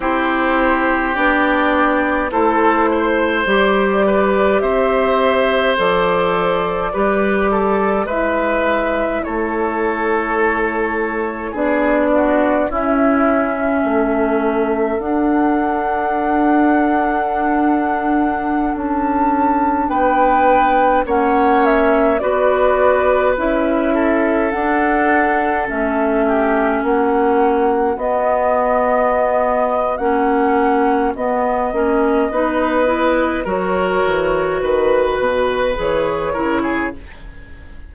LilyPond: <<
  \new Staff \with { instrumentName = "flute" } { \time 4/4 \tempo 4 = 52 c''4 d''4 c''4 d''4 | e''4 d''2 e''4 | cis''2 d''4 e''4~ | e''4 fis''2.~ |
fis''16 a''4 g''4 fis''8 e''8 d''8.~ | d''16 e''4 fis''4 e''4 fis''8.~ | fis''16 dis''4.~ dis''16 fis''4 dis''4~ | dis''4 cis''4 b'4 cis''4 | }
  \new Staff \with { instrumentName = "oboe" } { \time 4/4 g'2 a'8 c''4 b'8 | c''2 b'8 a'8 b'4 | a'2 gis'8 fis'8 e'4 | a'1~ |
a'4~ a'16 b'4 cis''4 b'8.~ | b'8. a'2 g'8 fis'8.~ | fis'1 | b'4 ais'4 b'4. ais'16 gis'16 | }
  \new Staff \with { instrumentName = "clarinet" } { \time 4/4 e'4 d'4 e'4 g'4~ | g'4 a'4 g'4 e'4~ | e'2 d'4 cis'4~ | cis'4 d'2.~ |
d'2~ d'16 cis'4 fis'8.~ | fis'16 e'4 d'4 cis'4.~ cis'16~ | cis'16 b4.~ b16 cis'4 b8 cis'8 | dis'8 e'8 fis'2 gis'8 e'8 | }
  \new Staff \with { instrumentName = "bassoon" } { \time 4/4 c'4 b4 a4 g4 | c'4 f4 g4 gis4 | a2 b4 cis'4 | a4 d'2.~ |
d'16 cis'4 b4 ais4 b8.~ | b16 cis'4 d'4 a4 ais8.~ | ais16 b4.~ b16 ais4 b8 ais8 | b4 fis8 e8 dis8 b,8 e8 cis8 | }
>>